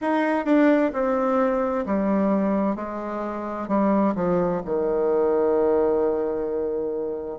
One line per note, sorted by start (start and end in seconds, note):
0.01 0.45 D#4
0.45 0.91 D4
0.93 1.85 C4
1.86 2.75 G3
2.75 3.68 G#3
3.68 4.14 G3
4.15 4.61 F3
4.65 7.38 D#3